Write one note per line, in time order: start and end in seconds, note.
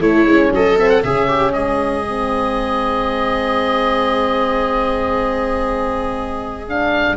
0.00 0.25 A3
0.00 0.26 A3
0.00 0.52 E4
0.00 0.53 C#5
0.25 0.51 G#3
0.25 0.77 C#4
0.52 1.03 F#3
0.52 1.05 A4
0.52 0.79 D#5
0.77 1.03 C4
0.77 0.90 E5
0.90 1.03 F#5
1.03 1.54 C#3
1.03 2.06 C#4
1.03 1.29 G#4
1.03 1.53 E5
1.29 1.54 G4
1.53 7.17 G#3
1.53 7.17 G#4
1.53 6.65 D#5
2.09 6.68 C4
6.68 7.17 D4
6.68 7.17 F5